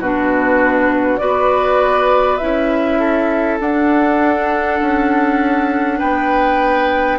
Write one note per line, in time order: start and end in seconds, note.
0.00 1.20 B2
0.00 1.19 D4
0.00 1.20 F#4
0.00 1.18 B4
1.18 2.41 B3
1.18 2.39 F#4
1.18 3.00 B4
1.18 2.38 D5
2.38 3.61 C#4
2.38 3.60 E4
2.38 3.58 E5
3.00 5.99 A4
3.61 4.81 D4
3.61 7.19 D4
3.61 6.00 F#5
4.82 6.02 C#4
5.99 7.19 B3
5.99 7.19 B4
5.99 7.19 G5